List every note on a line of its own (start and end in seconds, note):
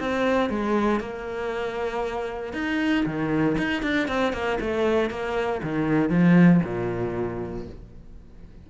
0.00 0.50 C4
0.50 1.00 G#3
1.00 2.53 A#3
2.53 3.05 D#4
3.06 3.57 D#3
3.58 3.83 D#4
3.83 4.08 D4
4.08 4.33 C4
4.33 4.59 A#3
4.60 5.10 A3
5.10 5.61 A#3
5.63 6.10 D#3
6.10 6.61 F3
6.64 7.66 A#2